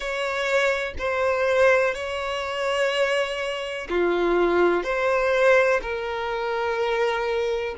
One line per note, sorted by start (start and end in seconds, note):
0.00 0.93 C#5
0.98 1.94 C5
1.94 3.88 C#5
3.89 4.83 F4
4.83 5.80 C5
5.82 7.75 A#4